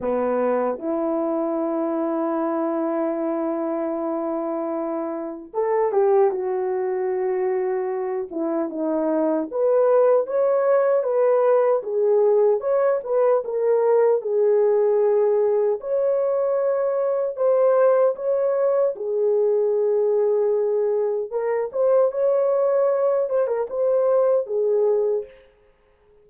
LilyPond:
\new Staff \with { instrumentName = "horn" } { \time 4/4 \tempo 4 = 76 b4 e'2.~ | e'2. a'8 g'8 | fis'2~ fis'8 e'8 dis'4 | b'4 cis''4 b'4 gis'4 |
cis''8 b'8 ais'4 gis'2 | cis''2 c''4 cis''4 | gis'2. ais'8 c''8 | cis''4. c''16 ais'16 c''4 gis'4 | }